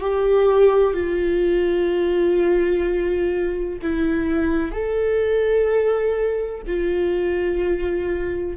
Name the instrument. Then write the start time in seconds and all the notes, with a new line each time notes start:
viola
0.00 G4
0.94 F4
3.82 E4
4.71 A4
6.67 F4